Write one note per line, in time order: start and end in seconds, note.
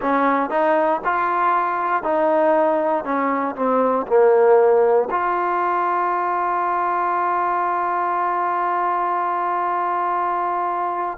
0.01 0.50 C#4
0.50 1.01 D#4
1.04 2.03 F4
2.03 3.04 D#4
3.04 3.55 C#4
3.55 4.06 C4
4.07 5.08 A#3
5.10 11.18 F4